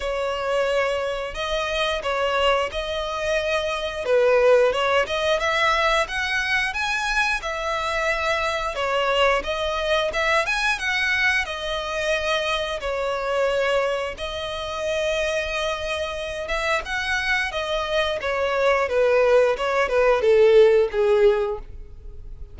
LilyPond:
\new Staff \with { instrumentName = "violin" } { \time 4/4 \tempo 4 = 89 cis''2 dis''4 cis''4 | dis''2 b'4 cis''8 dis''8 | e''4 fis''4 gis''4 e''4~ | e''4 cis''4 dis''4 e''8 gis''8 |
fis''4 dis''2 cis''4~ | cis''4 dis''2.~ | dis''8 e''8 fis''4 dis''4 cis''4 | b'4 cis''8 b'8 a'4 gis'4 | }